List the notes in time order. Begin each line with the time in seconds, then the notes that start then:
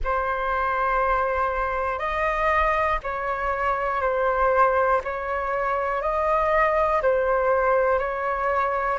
0.04 C5
1.98 D#5
3.03 C#5
4.01 C5
5.04 C#5
6.01 D#5
7.02 C5
7.99 C#5